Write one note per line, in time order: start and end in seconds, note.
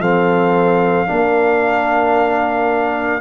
0.00 1.07 F3
0.00 1.07 C4
0.00 1.08 A4
0.00 3.22 F5
1.07 3.22 A#3
1.07 3.21 D4
1.07 3.22 A#4